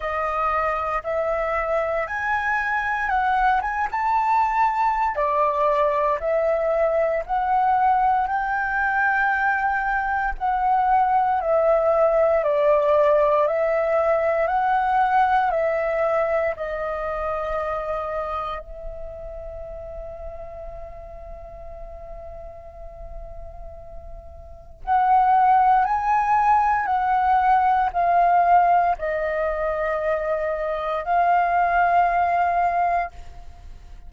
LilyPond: \new Staff \with { instrumentName = "flute" } { \time 4/4 \tempo 4 = 58 dis''4 e''4 gis''4 fis''8 gis''16 a''16~ | a''4 d''4 e''4 fis''4 | g''2 fis''4 e''4 | d''4 e''4 fis''4 e''4 |
dis''2 e''2~ | e''1 | fis''4 gis''4 fis''4 f''4 | dis''2 f''2 | }